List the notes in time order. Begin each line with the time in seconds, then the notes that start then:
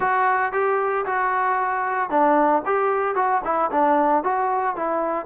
0.00 F#4
0.52 G4
1.05 F#4
2.10 D4
2.65 G4
3.15 F#4
3.44 E4
3.71 D4
4.23 F#4
4.76 E4